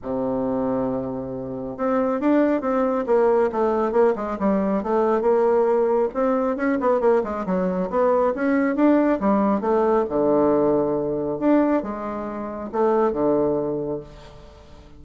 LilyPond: \new Staff \with { instrumentName = "bassoon" } { \time 4/4 \tempo 4 = 137 c1 | c'4 d'4 c'4 ais4 | a4 ais8 gis8 g4 a4 | ais2 c'4 cis'8 b8 |
ais8 gis8 fis4 b4 cis'4 | d'4 g4 a4 d4~ | d2 d'4 gis4~ | gis4 a4 d2 | }